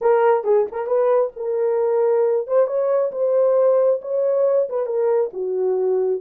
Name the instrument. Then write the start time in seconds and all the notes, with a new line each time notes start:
horn
0.01 A#4
0.44 G#4
0.71 A#4
0.86 B4
1.36 A#4
2.47 C5
2.66 C#5
3.11 C5
4.01 C#5
4.69 B4
4.86 A#4
5.33 F#4